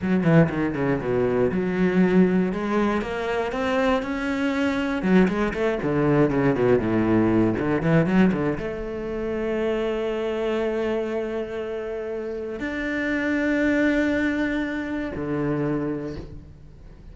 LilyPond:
\new Staff \with { instrumentName = "cello" } { \time 4/4 \tempo 4 = 119 fis8 e8 dis8 cis8 b,4 fis4~ | fis4 gis4 ais4 c'4 | cis'2 fis8 gis8 a8 d8~ | d8 cis8 b,8 a,4. d8 e8 |
fis8 d8 a2.~ | a1~ | a4 d'2.~ | d'2 d2 | }